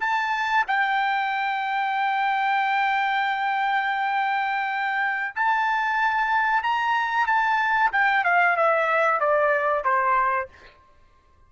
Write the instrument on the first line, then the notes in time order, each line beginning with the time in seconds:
trumpet
0.00 A5
0.67 G5
5.35 A5
6.63 A#5
7.26 A5
7.92 G5
8.24 F5
8.57 E5
9.20 D5
9.84 C5